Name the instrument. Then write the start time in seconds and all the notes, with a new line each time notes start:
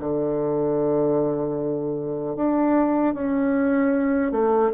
bassoon
0.00 D3
2.36 D4
3.14 C#4
4.32 A3